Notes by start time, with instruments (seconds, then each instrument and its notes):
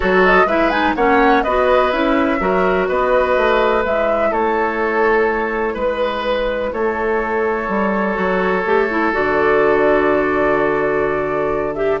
0.00 bassoon F#3, clarinet F#4, oboe A4, flute C#5
0.25 flute D#5
0.45 bassoon G#3, clarinet E4, oboe B4, flute E5
0.70 clarinet D#4, flute G#5
0.95 bassoon A#3, clarinet C#4, oboe C#5, flute F#5
1.43 bassoon B3, clarinet F#4, oboe B4, flute D#5
1.91 bassoon C#4, clarinet E4, flute E5
2.40 bassoon F#3, clarinet F#4, oboe A#4
2.88 bassoon B3, oboe B4, flute D#5
3.36 bassoon A3
3.83 bassoon G#3, clarinet E4, flute E5
4.30 bassoon A3, oboe A4, flute C#5
5.74 bassoon G#3, oboe B4, flute B4
6.73 bassoon A3, oboe A4, flute C#5
7.68 bassoon G3
8.14 bassoon F#3, clarinet F#4
8.65 bassoon A3, clarinet G4
8.90 clarinet E4
9.12 bassoon D3, clarinet F#4, flute D5
11.74 clarinet G4, flute E5